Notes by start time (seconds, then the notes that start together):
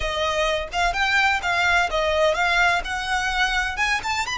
0.00 D#5
0.72 F5
0.93 G5
1.42 F5
1.90 D#5
2.34 F5
2.84 F#5
3.77 G#5
4.03 A5
4.26 B5